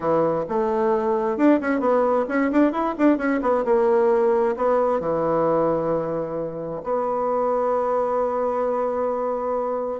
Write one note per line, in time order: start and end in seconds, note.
0.00 0.44 E3
0.48 1.37 A3
1.37 1.59 D4
1.60 1.80 C#4
1.80 2.25 B3
2.28 2.51 C#4
2.51 2.71 D4
2.71 2.94 E4
2.98 3.17 D4
3.17 3.40 C#4
3.41 3.64 B3
3.64 4.55 A#3
4.56 5.00 B3
5.00 6.82 E3
6.83 10.00 B3